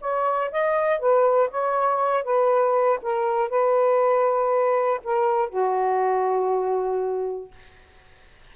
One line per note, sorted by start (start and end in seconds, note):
0.00 0.50 C#5
0.51 0.99 D#5
0.99 1.49 B4
1.50 2.23 C#5
2.23 2.99 B4
3.02 3.49 A#4
3.49 5.00 B4
5.04 5.49 A#4
5.49 7.51 F#4